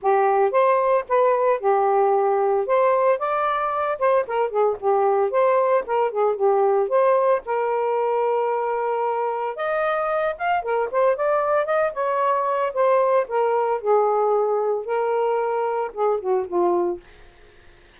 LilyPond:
\new Staff \with { instrumentName = "saxophone" } { \time 4/4 \tempo 4 = 113 g'4 c''4 b'4 g'4~ | g'4 c''4 d''4. c''8 | ais'8 gis'8 g'4 c''4 ais'8 gis'8 | g'4 c''4 ais'2~ |
ais'2 dis''4. f''8 | ais'8 c''8 d''4 dis''8 cis''4. | c''4 ais'4 gis'2 | ais'2 gis'8 fis'8 f'4 | }